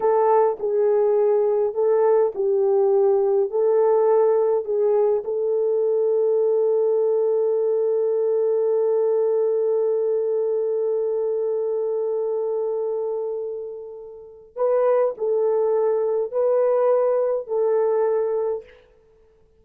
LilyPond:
\new Staff \with { instrumentName = "horn" } { \time 4/4 \tempo 4 = 103 a'4 gis'2 a'4 | g'2 a'2 | gis'4 a'2.~ | a'1~ |
a'1~ | a'1~ | a'4 b'4 a'2 | b'2 a'2 | }